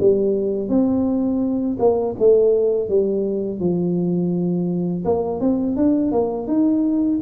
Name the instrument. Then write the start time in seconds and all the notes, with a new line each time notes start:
tuba
0.00 G3
0.69 C4
1.79 A#3
2.19 A3
2.89 G3
3.59 F3
5.05 A#3
5.41 C4
5.76 D4
6.12 A#3
6.47 D#4